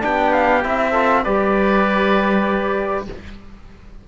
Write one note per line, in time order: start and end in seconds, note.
0.00 0.65 B3
0.00 0.61 D4
0.00 0.91 G4
0.00 0.32 G5
0.32 0.63 F5
0.63 1.26 C4
0.63 0.94 E4
0.63 1.24 E5
0.91 1.24 F4
0.91 1.22 A4
1.24 3.08 G3
1.24 3.07 G4
1.24 3.06 B4
1.24 3.06 D5